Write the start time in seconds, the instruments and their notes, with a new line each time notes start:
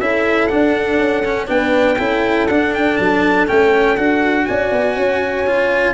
0.00 tuba C#4, cello E4, horn A4, trumpet E5
0.47 cello D4, tuba D4, trumpet F#5
0.98 tuba C#4
1.25 cello C#4
1.47 tuba B3, cello D4, horn B4, trumpet G5
1.98 tuba C#4, cello E4, horn A4
2.48 tuba D4, cello D4, trumpet F#5
2.74 trumpet G5
2.97 tuba F#3, trumpet A5
3.47 tuba A3, cello C#4, trumpet G5
3.97 tuba D4, cello F#4, trumpet F#5
4.46 tuba C#4, horn D5, trumpet G#5
4.72 tuba B3
4.95 tuba C#4, horn C#5
5.47 cello F4